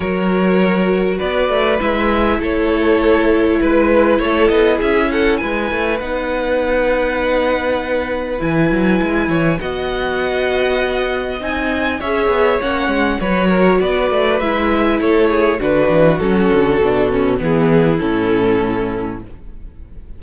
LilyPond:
<<
  \new Staff \with { instrumentName = "violin" } { \time 4/4 \tempo 4 = 100 cis''2 d''4 e''4 | cis''2 b'4 cis''8 dis''8 | e''8 fis''8 gis''4 fis''2~ | fis''2 gis''2 |
fis''2. gis''4 | e''4 fis''4 cis''4 d''4 | e''4 cis''4 b'4 a'4~ | a'4 gis'4 a'2 | }
  \new Staff \with { instrumentName = "violin" } { \time 4/4 ais'2 b'2 | a'2 b'4 a'4 | gis'8 a'8 b'2.~ | b'2.~ b'8 cis''8 |
dis''1 | cis''2 b'8 ais'8 b'4~ | b'4 a'8 gis'8 fis'2~ | fis'4 e'2. | }
  \new Staff \with { instrumentName = "viola" } { \time 4/4 fis'2. e'4~ | e'1~ | e'2 dis'2~ | dis'2 e'2 |
fis'2. dis'4 | gis'4 cis'4 fis'2 | e'2 d'4 cis'4 | d'8 cis'8 b4 cis'2 | }
  \new Staff \with { instrumentName = "cello" } { \time 4/4 fis2 b8 a8 gis4 | a2 gis4 a8 b8 | cis'4 gis8 a8 b2~ | b2 e8 fis8 gis8 e8 |
b2. c'4 | cis'8 b8 ais8 gis8 fis4 b8 a8 | gis4 a4 d8 e8 fis8 d8 | b,4 e4 a,2 | }
>>